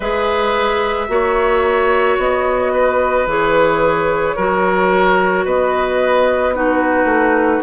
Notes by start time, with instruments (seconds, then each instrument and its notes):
0.00 bassoon G#3, clarinet G#4, oboe B4, flute E5
1.07 bassoon A#3, clarinet F#4, oboe C#5
2.17 bassoon B3, flute D#5
2.72 oboe B4
3.26 bassoon E3, clarinet G#4, flute C#5
4.35 bassoon F#3, clarinet F#4, oboe A#4
5.45 bassoon B3, oboe B4, flute D#5
6.54 clarinet D#4, oboe F#4, flute B4
7.04 bassoon A3